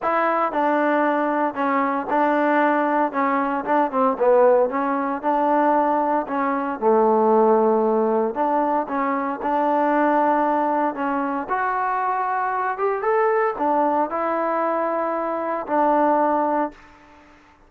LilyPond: \new Staff \with { instrumentName = "trombone" } { \time 4/4 \tempo 4 = 115 e'4 d'2 cis'4 | d'2 cis'4 d'8 c'8 | b4 cis'4 d'2 | cis'4 a2. |
d'4 cis'4 d'2~ | d'4 cis'4 fis'2~ | fis'8 g'8 a'4 d'4 e'4~ | e'2 d'2 | }